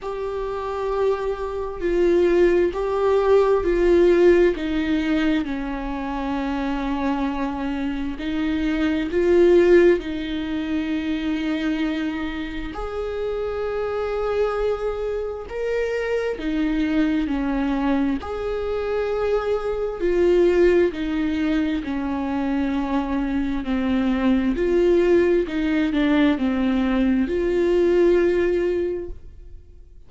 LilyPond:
\new Staff \with { instrumentName = "viola" } { \time 4/4 \tempo 4 = 66 g'2 f'4 g'4 | f'4 dis'4 cis'2~ | cis'4 dis'4 f'4 dis'4~ | dis'2 gis'2~ |
gis'4 ais'4 dis'4 cis'4 | gis'2 f'4 dis'4 | cis'2 c'4 f'4 | dis'8 d'8 c'4 f'2 | }